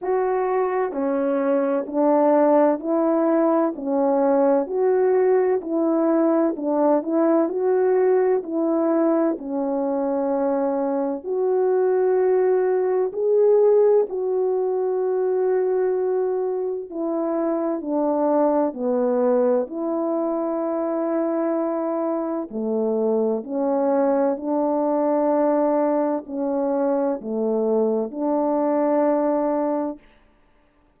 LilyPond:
\new Staff \with { instrumentName = "horn" } { \time 4/4 \tempo 4 = 64 fis'4 cis'4 d'4 e'4 | cis'4 fis'4 e'4 d'8 e'8 | fis'4 e'4 cis'2 | fis'2 gis'4 fis'4~ |
fis'2 e'4 d'4 | b4 e'2. | a4 cis'4 d'2 | cis'4 a4 d'2 | }